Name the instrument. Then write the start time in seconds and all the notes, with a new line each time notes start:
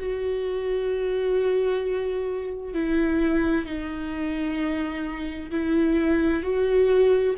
viola
0.00 F#4
2.74 E4
3.66 D#4
5.51 E4
6.43 F#4